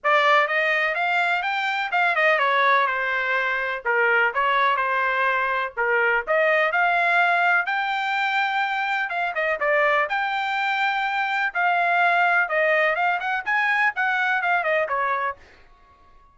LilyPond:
\new Staff \with { instrumentName = "trumpet" } { \time 4/4 \tempo 4 = 125 d''4 dis''4 f''4 g''4 | f''8 dis''8 cis''4 c''2 | ais'4 cis''4 c''2 | ais'4 dis''4 f''2 |
g''2. f''8 dis''8 | d''4 g''2. | f''2 dis''4 f''8 fis''8 | gis''4 fis''4 f''8 dis''8 cis''4 | }